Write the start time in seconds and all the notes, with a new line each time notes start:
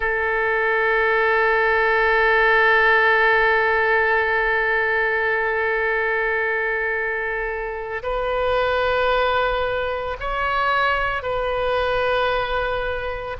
0.00 A4
8.02 B4
10.20 C#5
11.22 B4